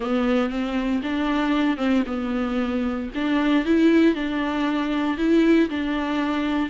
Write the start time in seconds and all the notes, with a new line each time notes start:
0.00 B3
0.49 C4
1.02 D4
1.77 C4
2.06 B3
3.14 D4
3.65 E4
4.14 D4
5.17 E4
5.69 D4